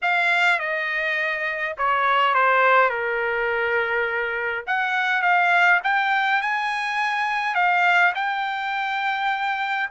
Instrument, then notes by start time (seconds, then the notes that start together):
trumpet
0.02 F5
0.59 D#5
1.77 C#5
2.34 C5
2.89 A#4
4.66 F#5
5.22 F5
5.83 G5
6.41 G#5
7.54 F5
8.14 G5